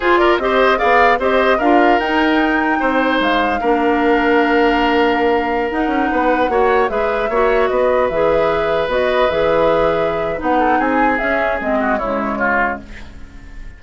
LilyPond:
<<
  \new Staff \with { instrumentName = "flute" } { \time 4/4 \tempo 4 = 150 c''8 d''8 dis''4 f''4 dis''4 | f''4 g''2. | f''1~ | f''2~ f''16 fis''4.~ fis''16~ |
fis''4~ fis''16 e''2 dis''8.~ | dis''16 e''2 dis''4 e''8.~ | e''2 fis''4 gis''4 | e''4 dis''4 cis''2 | }
  \new Staff \with { instrumentName = "oboe" } { \time 4/4 gis'8 ais'8 c''4 d''4 c''4 | ais'2. c''4~ | c''4 ais'2.~ | ais'2.~ ais'16 b'8.~ |
b'16 cis''4 b'4 cis''4 b'8.~ | b'1~ | b'2~ b'8 a'8 gis'4~ | gis'4. fis'8 e'4 f'4 | }
  \new Staff \with { instrumentName = "clarinet" } { \time 4/4 f'4 g'4 gis'4 g'4 | f'4 dis'2.~ | dis'4 d'2.~ | d'2~ d'16 dis'4.~ dis'16~ |
dis'16 fis'4 gis'4 fis'4.~ fis'16~ | fis'16 gis'2 fis'4 gis'8.~ | gis'2 dis'2 | cis'4 c'4 gis2 | }
  \new Staff \with { instrumentName = "bassoon" } { \time 4/4 f'4 c'4 b4 c'4 | d'4 dis'2 c'4 | gis4 ais2.~ | ais2~ ais16 dis'8 cis'8 b8.~ |
b16 ais4 gis4 ais4 b8.~ | b16 e2 b4 e8.~ | e2 b4 c'4 | cis'4 gis4 cis2 | }
>>